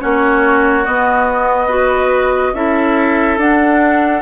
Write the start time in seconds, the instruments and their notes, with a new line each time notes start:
0.00 bassoon A#3, clarinet C#4, oboe F#4, flute C#5
0.86 bassoon B3, clarinet B3, flute D#5
1.68 clarinet F#4, oboe B4
2.54 bassoon C#4, clarinet E4, oboe A4, flute E5
3.38 bassoon D4, clarinet D4, flute F#5